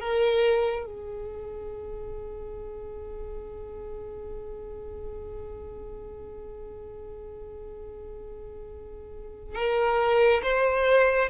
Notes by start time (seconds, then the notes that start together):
0.00 A#4
0.86 G#4
9.55 A#4
10.42 C5